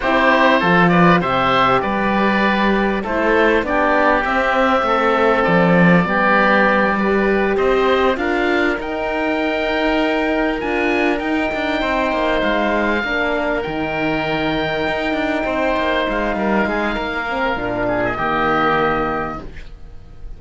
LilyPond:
<<
  \new Staff \with { instrumentName = "oboe" } { \time 4/4 \tempo 4 = 99 c''4. d''8 e''4 d''4~ | d''4 c''4 d''4 e''4~ | e''4 d''2.~ | d''8 dis''4 f''4 g''4.~ |
g''4. gis''4 g''4.~ | g''8 f''2 g''4.~ | g''2~ g''8 f''4.~ | f''4.~ f''16 dis''2~ dis''16 | }
  \new Staff \with { instrumentName = "oboe" } { \time 4/4 g'4 a'8 b'8 c''4 b'4~ | b'4 a'4 g'2 | a'2 g'4. b'8~ | b'8 c''4 ais'2~ ais'8~ |
ais'2.~ ais'8 c''8~ | c''4. ais'2~ ais'8~ | ais'4. c''4. ais'8 gis'8 | ais'4. gis'8 g'2 | }
  \new Staff \with { instrumentName = "horn" } { \time 4/4 e'4 f'4 g'2~ | g'4 e'4 d'4 c'4~ | c'2 b4. g'8~ | g'4. f'4 dis'4.~ |
dis'4. f'4 dis'4.~ | dis'4. d'4 dis'4.~ | dis'1~ | dis'8 c'8 d'4 ais2 | }
  \new Staff \with { instrumentName = "cello" } { \time 4/4 c'4 f4 c4 g4~ | g4 a4 b4 c'4 | a4 f4 g2~ | g8 c'4 d'4 dis'4.~ |
dis'4. d'4 dis'8 d'8 c'8 | ais8 gis4 ais4 dis4.~ | dis8 dis'8 d'8 c'8 ais8 gis8 g8 gis8 | ais4 ais,4 dis2 | }
>>